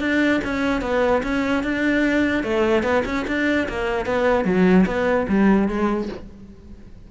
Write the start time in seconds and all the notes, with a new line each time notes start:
0.00 D4
0.44 C#4
0.81 B3
1.23 C#4
1.63 D4
2.43 A3
2.83 B3
3.05 C#4
3.27 D4
3.68 A#3
4.06 B3
4.44 F#3
4.86 B3
5.28 G3
5.68 G#3